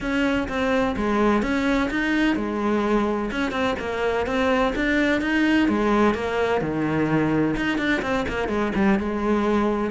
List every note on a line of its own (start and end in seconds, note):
0.00 0.48 C#4
0.48 0.95 C4
0.96 1.42 G#3
1.42 1.89 C#4
1.90 2.36 D#4
2.36 3.30 G#3
3.31 3.51 C#4
3.51 3.75 C4
3.79 4.26 A#3
4.26 4.73 C4
4.75 5.21 D4
5.21 5.68 D#4
5.68 6.14 G#3
6.14 6.61 A#3
6.61 7.55 D#3
7.56 7.78 D#4
7.78 8.01 D4
8.02 8.25 C4
8.28 8.48 A#3
8.48 8.71 G#3
8.75 8.99 G3
8.99 9.91 G#3